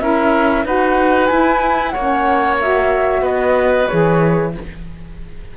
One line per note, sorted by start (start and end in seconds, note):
0.00 0.65 C#4
0.00 0.65 E4
0.00 0.65 A#4
0.00 0.65 E5
0.65 1.30 D#4
0.65 1.30 F#4
0.65 1.93 B4
0.65 1.26 F#5
1.26 1.94 E4
1.26 1.95 E4
1.26 1.90 G#5
1.90 3.22 A#3
1.90 3.22 C#5
1.90 2.55 F#5
1.98 2.61 C#4
2.60 3.90 F#4
2.60 3.25 E5
3.22 3.86 B3
3.22 4.51 B4
3.22 3.88 D#5
3.88 4.57 E3
3.88 4.54 G#4
3.88 4.52 C#5